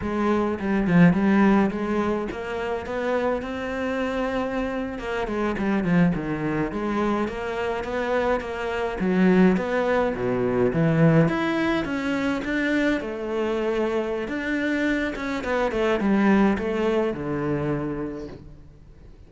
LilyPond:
\new Staff \with { instrumentName = "cello" } { \time 4/4 \tempo 4 = 105 gis4 g8 f8 g4 gis4 | ais4 b4 c'2~ | c'8. ais8 gis8 g8 f8 dis4 gis16~ | gis8. ais4 b4 ais4 fis16~ |
fis8. b4 b,4 e4 e'16~ | e'8. cis'4 d'4 a4~ a16~ | a4 d'4. cis'8 b8 a8 | g4 a4 d2 | }